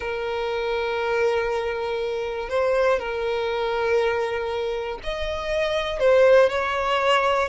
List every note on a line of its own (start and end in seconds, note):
0.00 2.49 A#4
2.49 2.99 C5
2.99 4.99 A#4
5.02 5.99 D#5
5.99 6.49 C5
6.49 7.49 C#5